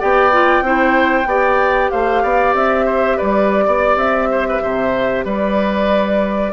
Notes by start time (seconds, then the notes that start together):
0.00 B3 G4 D5 G5
0.32 F4
0.61 C4 E4 C5
1.25 B3 G4 D5
1.91 A3 C5 F5
2.23 B3 D5
2.55 C4 E5
2.86 C5
3.17 G3 B4 D5
3.65 B3 D5
3.96 C4 E5
4.32 C5
4.49 B4
4.62 C3 C5
5.25 G3 B4 D5